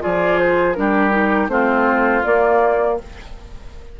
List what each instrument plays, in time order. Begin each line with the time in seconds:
0.00 bassoon F3, clarinet F4, oboe G#4, flute D5
0.39 flute C5
0.74 bassoon G3, clarinet D4, oboe G4, flute A#4
1.10 clarinet D#4
1.48 bassoon A3, clarinet C4, oboe F4, flute C5
2.23 clarinet A#3, bassoon A#3, flute D5